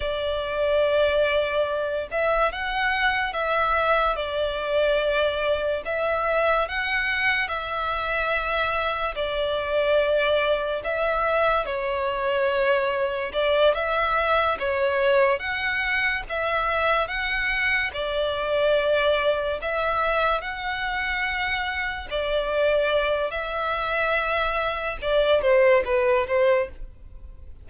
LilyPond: \new Staff \with { instrumentName = "violin" } { \time 4/4 \tempo 4 = 72 d''2~ d''8 e''8 fis''4 | e''4 d''2 e''4 | fis''4 e''2 d''4~ | d''4 e''4 cis''2 |
d''8 e''4 cis''4 fis''4 e''8~ | e''8 fis''4 d''2 e''8~ | e''8 fis''2 d''4. | e''2 d''8 c''8 b'8 c''8 | }